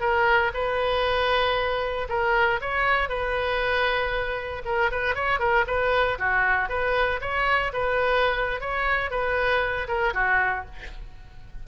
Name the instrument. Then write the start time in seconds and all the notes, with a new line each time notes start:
oboe
0.00 A#4
0.54 B4
2.09 A#4
2.61 C#5
3.09 B4
4.65 A#4
4.91 B4
5.15 C#5
5.39 A#4
5.67 B4
6.18 F#4
6.69 B4
7.21 C#5
7.72 B4
8.60 C#5
9.10 B4
9.88 A#4
10.14 F#4